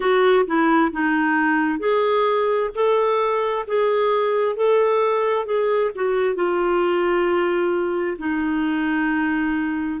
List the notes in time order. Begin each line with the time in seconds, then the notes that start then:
0.00 F#4
0.46 E4
0.91 D#4
1.79 G#4
2.74 A4
3.67 G#4
4.55 A4
5.45 G#4
5.95 F#4
6.35 F4
8.18 D#4